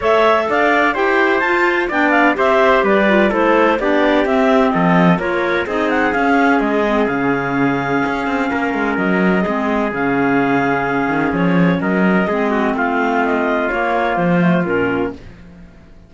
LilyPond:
<<
  \new Staff \with { instrumentName = "clarinet" } { \time 4/4 \tempo 4 = 127 e''4 f''4 g''4 a''4 | g''8 f''8 e''4 d''4 c''4 | d''4 e''4 dis''4 cis''4 | dis''8 fis''8 f''4 dis''4 f''4~ |
f''2. dis''4~ | dis''4 f''2. | cis''4 dis''2 f''4 | dis''4 cis''4 c''4 ais'4 | }
  \new Staff \with { instrumentName = "trumpet" } { \time 4/4 cis''4 d''4 c''2 | d''4 c''4 b'4 a'4 | g'2 a'4 ais'4 | gis'1~ |
gis'2 ais'2 | gis'1~ | gis'4 ais'4 gis'8 fis'8 f'4~ | f'1 | }
  \new Staff \with { instrumentName = "clarinet" } { \time 4/4 a'2 g'4 f'4 | d'4 g'4. f'8 e'4 | d'4 c'2 f'4 | dis'4 cis'4. c'8 cis'4~ |
cis'1 | c'4 cis'2.~ | cis'2 c'2~ | c'4 ais4. a8 cis'4 | }
  \new Staff \with { instrumentName = "cello" } { \time 4/4 a4 d'4 e'4 f'4 | b4 c'4 g4 a4 | b4 c'4 f4 ais4 | c'4 cis'4 gis4 cis4~ |
cis4 cis'8 c'8 ais8 gis8 fis4 | gis4 cis2~ cis8 dis8 | f4 fis4 gis4 a4~ | a4 ais4 f4 ais,4 | }
>>